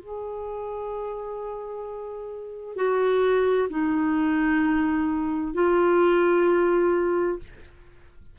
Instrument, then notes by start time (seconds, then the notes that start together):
clarinet
0.00 G#4
2.76 F#4
3.70 D#4
5.54 F4